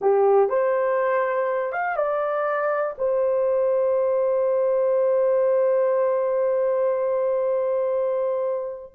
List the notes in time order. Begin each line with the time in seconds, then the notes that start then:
0.01 G4
0.49 C5
1.72 F5
1.96 D5
2.98 C5